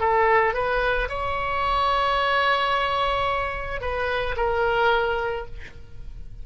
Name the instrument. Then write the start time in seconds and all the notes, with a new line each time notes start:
oboe
0.00 A4
0.54 B4
1.09 C#5
3.81 B4
4.37 A#4